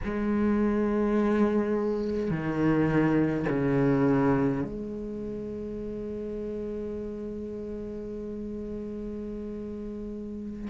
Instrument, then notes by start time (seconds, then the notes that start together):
cello
0.04 G#3
2.30 D#3
3.49 C#3
4.63 G#3